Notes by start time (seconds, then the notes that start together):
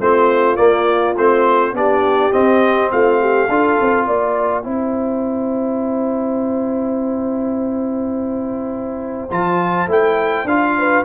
0.00 A3 C4 F4 C5
0.56 A#3 D5
1.16 A3 C4 C5
1.73 B3 D4 G4 D5
2.32 C4 D#5
2.92 A3 F4 F5
3.21 G4
3.49 D4 F4 A4
3.81 C4
4.07 A#3 D5 G5
4.63 C4 E4 C5
9.31 F3 F4 A5
9.87 A3 E4 G5
10.44 D4 F4 F5
10.78 B4